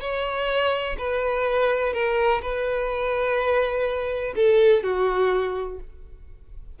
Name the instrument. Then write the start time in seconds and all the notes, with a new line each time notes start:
violin
0.00 C#5
0.98 B4
1.93 A#4
2.42 B4
4.35 A4
4.83 F#4